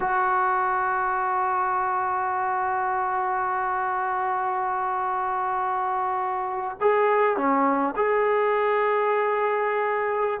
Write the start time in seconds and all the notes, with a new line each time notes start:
0.00 F#4
6.80 G#4
7.36 C#4
7.95 G#4